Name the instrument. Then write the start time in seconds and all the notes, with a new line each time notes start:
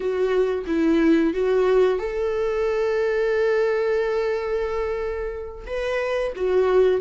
viola
0.00 F#4
0.67 E4
1.33 F#4
1.98 A4
5.66 B4
6.35 F#4